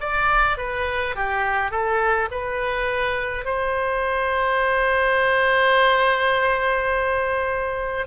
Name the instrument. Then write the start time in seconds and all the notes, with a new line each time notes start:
oboe
0.00 D5
0.58 B4
1.15 G4
1.71 A4
2.31 B4
3.45 C5